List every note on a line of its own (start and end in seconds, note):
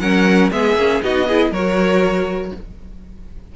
0.00 0.51 F#3
0.00 0.51 C#4
0.00 0.52 A#4
0.00 0.50 F#5
0.51 0.76 G#3
0.51 0.77 B3
0.51 1.04 G#4
0.51 1.03 E5
0.76 1.01 A#3
0.76 1.03 C#4
1.03 1.51 B3
1.03 1.28 D#4
1.03 1.28 F#4
1.03 1.54 D#5
1.28 1.55 E4
1.28 1.52 G#4
1.51 2.52 F#3
1.51 2.56 F#4
1.51 2.52 A#4
1.51 2.55 C#5